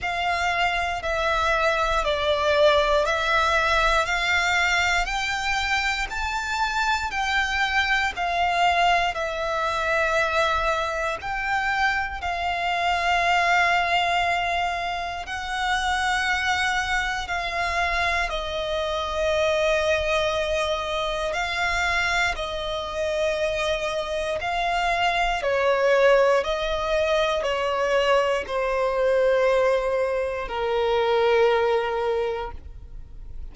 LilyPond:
\new Staff \with { instrumentName = "violin" } { \time 4/4 \tempo 4 = 59 f''4 e''4 d''4 e''4 | f''4 g''4 a''4 g''4 | f''4 e''2 g''4 | f''2. fis''4~ |
fis''4 f''4 dis''2~ | dis''4 f''4 dis''2 | f''4 cis''4 dis''4 cis''4 | c''2 ais'2 | }